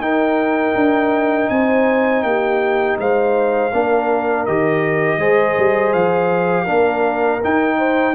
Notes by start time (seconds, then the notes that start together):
0.00 D#4 A#4 G5
0.75 D4
1.50 C4 C5 G#5
2.23 A#3 G4 G5
2.99 G#3 C5 F5
3.73 A#3 D4 A#4
4.46 D#3 G4 D#5
5.18 G#3 G#4 C5
5.58 G3
5.93 F3 F5
6.65 A#3 D4 A#4
7.44 D#4 G5
7.79 C5